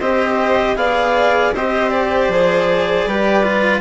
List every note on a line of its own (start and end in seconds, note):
0.00 0.76 C4
0.00 0.76 G4
0.00 0.77 C5
0.00 0.77 D#5
0.76 1.53 B3
0.76 1.53 G#4
0.76 1.55 D5
0.76 1.54 F5
1.54 2.29 C4
1.54 2.33 G4
1.54 3.08 C5
1.54 1.90 D#5
1.90 3.81 D5
2.29 3.06 F3
2.29 3.10 G#4
3.06 3.81 G3
3.06 3.44 G4
3.06 3.81 B4
3.44 3.81 F4